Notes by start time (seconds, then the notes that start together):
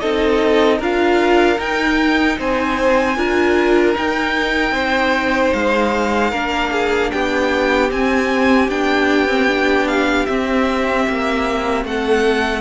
0.00 C4 D#4 A4 D#5
0.78 D4 F4 A#4 F5
1.56 D#4 G5
2.39 C4 C5 G#5
3.17 D4 F4 A#4
3.95 D#4 G5
4.71 C4 C5
5.53 G#3 F5
6.30 A#3 D4 A#4
6.72 G#4
7.11 B3 G4 G5
7.89 C4 G#5
8.69 B3 D4 G5
9.28 C4
9.48 D4
9.88 F5
10.26 C4 E5
11.09 A#3
11.85 A3 A4 F#5